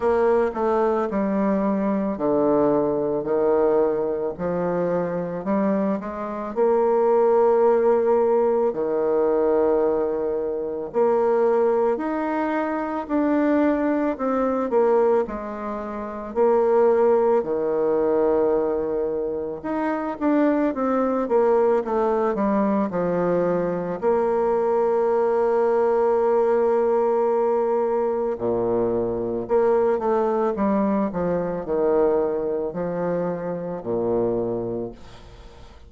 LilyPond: \new Staff \with { instrumentName = "bassoon" } { \time 4/4 \tempo 4 = 55 ais8 a8 g4 d4 dis4 | f4 g8 gis8 ais2 | dis2 ais4 dis'4 | d'4 c'8 ais8 gis4 ais4 |
dis2 dis'8 d'8 c'8 ais8 | a8 g8 f4 ais2~ | ais2 ais,4 ais8 a8 | g8 f8 dis4 f4 ais,4 | }